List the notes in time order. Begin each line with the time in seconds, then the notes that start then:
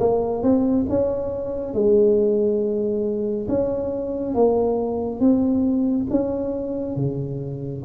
0.00 A#3
0.43 C4
0.89 C#4
1.74 G#3
3.49 C#4
4.34 A#3
5.20 C4
6.10 C#4
6.96 C#3